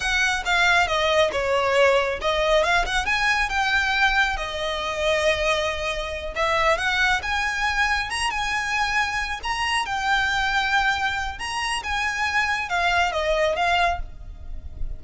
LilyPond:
\new Staff \with { instrumentName = "violin" } { \time 4/4 \tempo 4 = 137 fis''4 f''4 dis''4 cis''4~ | cis''4 dis''4 f''8 fis''8 gis''4 | g''2 dis''2~ | dis''2~ dis''8 e''4 fis''8~ |
fis''8 gis''2 ais''8 gis''4~ | gis''4. ais''4 g''4.~ | g''2 ais''4 gis''4~ | gis''4 f''4 dis''4 f''4 | }